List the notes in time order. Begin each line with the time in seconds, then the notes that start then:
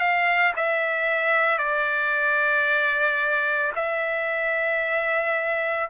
0.00 F5
0.56 E5
1.58 D5
3.75 E5